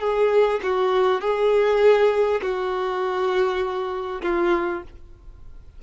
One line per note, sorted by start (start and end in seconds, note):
0.00 0.60 G#4
0.63 1.21 F#4
1.21 2.41 G#4
2.41 4.21 F#4
4.22 4.82 F4